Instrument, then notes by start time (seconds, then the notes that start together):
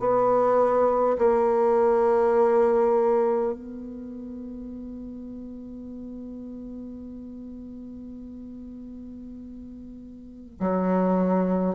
bassoon
0.00 B3
1.19 A#3
3.53 B3
10.60 F#3